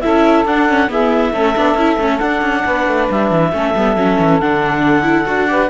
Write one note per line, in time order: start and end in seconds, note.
0.00 0.45 C#4
0.00 0.45 E4
0.00 0.89 A4
0.00 0.44 E5
0.45 0.88 D4
0.45 0.68 D4
0.45 0.90 F#5
0.68 0.88 C#4
0.88 1.31 B3
0.88 1.33 E4
0.88 1.30 G#4
0.88 2.18 E5
1.30 1.55 A3
1.30 1.55 C#4
1.30 2.61 A4
1.55 1.74 B3
1.55 1.77 D4
1.74 1.96 C#4
1.74 1.99 E4
1.97 2.19 A3
1.97 2.20 C#4
2.18 3.51 D4
2.18 2.41 D4
2.18 3.06 F#5
2.41 2.63 C#4
2.65 2.87 B3
2.65 3.53 B4
2.87 3.09 A3
3.10 3.30 G3
3.10 4.40 E5
3.30 3.52 E3
3.52 3.74 A3
3.52 3.74 C#4
3.52 5.50 A4
3.75 3.96 G3
3.75 3.96 B3
3.96 4.18 F#3
3.96 4.40 C#4
4.19 4.40 E3
4.40 5.27 D3
4.40 5.02 D4
4.40 5.69 F#5
5.02 5.24 E4
5.25 5.69 D4
5.25 5.47 F#4
5.47 5.68 G4
5.47 5.69 B4